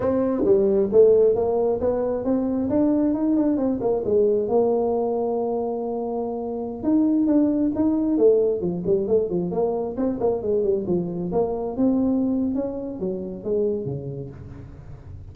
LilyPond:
\new Staff \with { instrumentName = "tuba" } { \time 4/4 \tempo 4 = 134 c'4 g4 a4 ais4 | b4 c'4 d'4 dis'8 d'8 | c'8 ais8 gis4 ais2~ | ais2.~ ais16 dis'8.~ |
dis'16 d'4 dis'4 a4 f8 g16~ | g16 a8 f8 ais4 c'8 ais8 gis8 g16~ | g16 f4 ais4 c'4.~ c'16 | cis'4 fis4 gis4 cis4 | }